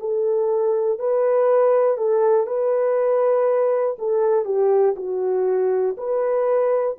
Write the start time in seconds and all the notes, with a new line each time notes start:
0.00 A4
0.99 B4
1.98 A4
2.47 B4
3.99 A4
4.45 G4
4.96 F#4
5.98 B4